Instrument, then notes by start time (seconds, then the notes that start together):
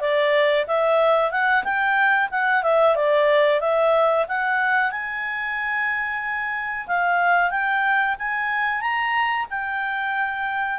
clarinet
0.00 D5
0.67 E5
1.31 F#5
1.64 G5
2.31 F#5
2.63 E5
2.96 D5
3.60 E5
4.28 F#5
4.91 G#5
6.87 F5
7.50 G5
8.19 G#5
8.81 A#5
9.50 G5